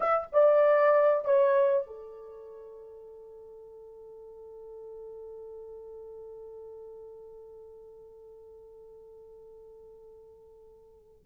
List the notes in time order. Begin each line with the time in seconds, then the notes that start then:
0.00 E5
0.32 D5
1.24 C#5
1.86 A4